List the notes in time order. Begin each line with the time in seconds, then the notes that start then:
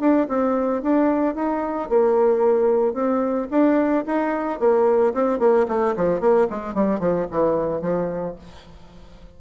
0.00 D4
0.29 C4
0.82 D4
1.35 D#4
1.89 A#3
2.93 C4
3.51 D4
4.06 D#4
4.59 A#3
5.14 C4
5.39 A#3
5.68 A3
5.96 F3
6.20 A#3
6.50 G#3
6.74 G3
7.00 F3
7.31 E3
7.81 F3